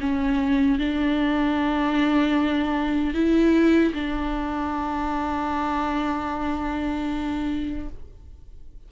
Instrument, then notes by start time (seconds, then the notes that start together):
viola
0.00 C#4
0.78 D4
3.14 E4
3.94 D4